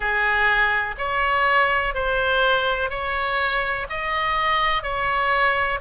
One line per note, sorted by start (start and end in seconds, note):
0.00 0.95 G#4
0.98 1.94 C#5
1.94 2.89 C5
2.89 3.86 C#5
3.89 4.82 D#5
4.82 5.79 C#5